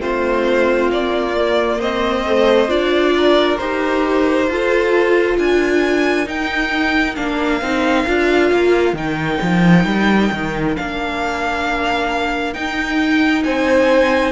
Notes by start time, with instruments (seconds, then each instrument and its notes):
0.00 cello A3, viola C4, violin F4 C5
0.90 cello A#3, violin D5
1.36 viola A#3
1.79 cello C4, violin C5 D#5
2.26 viola A3
2.68 cello D4, viola F4, violin D5
3.16 violin A#4
3.58 cello D#4, viola G4, violin C5
4.48 cello F4, viola F4, violin A4
5.38 cello D4, violin A#4 G#5
6.26 viola D#4, cello D#4, violin G5
7.16 cello A#3, viola D4, violin F5
7.61 cello C4, viola D#4
8.06 cello D4, viola F4
8.51 cello A#3
8.93 cello D#3, viola D#4, violin G5
9.42 cello F3
9.85 cello G3
10.32 cello D#3
10.76 cello A#3, viola D4, violin F5
12.54 viola D#4, cello D#4, violin G5
13.44 cello C4, violin C5 G#5